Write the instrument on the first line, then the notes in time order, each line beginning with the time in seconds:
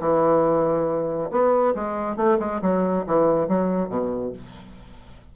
bassoon
0.00 E3
1.31 B3
1.75 G#3
2.16 A3
2.39 G#3
2.62 F#3
3.07 E3
3.48 F#3
3.89 B2